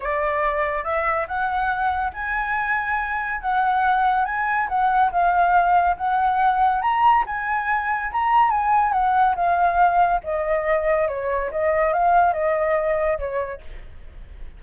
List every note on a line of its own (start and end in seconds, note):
0.00 0.83 D5
0.83 1.26 E5
1.27 2.12 F#5
2.13 3.41 G#5
3.41 4.25 F#5
4.25 4.68 G#5
4.68 5.11 F#5
5.11 5.96 F5
5.96 6.81 F#5
6.81 7.24 A#5
7.26 8.11 G#5
8.12 8.50 A#5
8.50 8.92 G#5
8.92 9.35 F#5
9.35 10.21 F5
10.23 11.08 D#5
11.08 11.50 C#5
11.51 11.93 D#5
11.93 12.33 F5
12.33 13.18 D#5
13.18 13.61 C#5